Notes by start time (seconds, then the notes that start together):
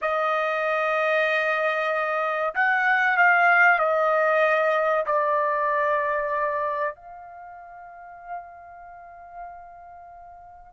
0.01 D#5
2.54 F#5
3.17 F5
3.78 D#5
5.06 D5
6.95 F5